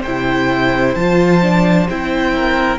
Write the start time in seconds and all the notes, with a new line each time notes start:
0.00 C5 G5
0.06 C3 E4
0.95 F3 F4 A5
1.42 D4
1.89 C4 E4 G5
2.35 A#4